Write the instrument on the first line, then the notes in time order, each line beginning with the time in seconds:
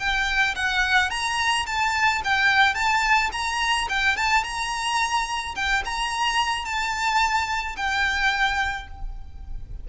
violin
0.00 G5
0.56 F#5
1.11 A#5
1.67 A5
2.25 G5
2.75 A5
3.33 A#5
3.89 G5
4.17 A5
4.44 A#5
5.56 G5
5.86 A#5
6.65 A5
7.77 G5